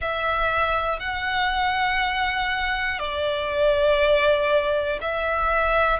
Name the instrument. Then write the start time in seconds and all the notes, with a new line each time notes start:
violin
0.01 E5
1.00 F#5
2.99 D5
5.01 E5